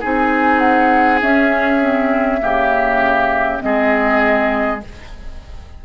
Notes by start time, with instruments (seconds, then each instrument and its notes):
0.00 bassoon C4, clarinet D#4, oboe G#4, flute G#5
0.59 flute F#5
1.22 clarinet C#4, bassoon C#4, flute E5
1.80 clarinet C4
2.40 bassoon C#3, clarinet A#3, oboe G4
3.60 bassoon G#3, clarinet C4, oboe G#4, flute D#5